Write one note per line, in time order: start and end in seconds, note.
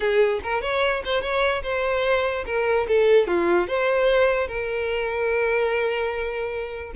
0.00 0.40 G#4
0.43 0.61 A#4
0.61 1.02 C#5
1.05 1.21 C5
1.21 1.62 C#5
1.63 2.44 C5
2.46 2.87 A#4
2.88 3.27 A4
3.27 3.67 F4
3.67 4.47 C5
4.47 6.92 A#4